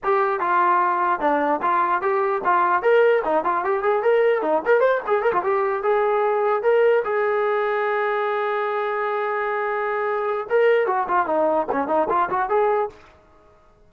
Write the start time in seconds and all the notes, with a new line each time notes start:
0.03 G4
0.40 F4
1.20 D4
1.62 F4
2.01 G4
2.44 F4
2.82 A#4
3.24 D#4
3.44 F4
3.64 G4
3.82 G#4
4.02 A#4
4.42 D#4
4.65 A#4
4.80 C5
5.06 G#4
5.22 A#4
5.32 F4
5.43 G4
5.83 G#4
6.63 A#4
7.04 G#4
10.49 A#4
10.87 F#4
11.08 F4
11.26 D#4
11.72 C#4
11.87 D#4
12.09 F4
12.29 F#4
12.49 G#4